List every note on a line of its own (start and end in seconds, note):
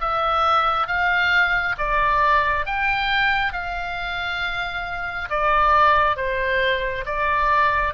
0.00 0.87 E5
0.87 1.75 F5
1.78 2.66 D5
2.66 3.53 G5
3.53 5.29 F5
5.29 6.16 D5
6.16 7.04 C5
7.05 7.94 D5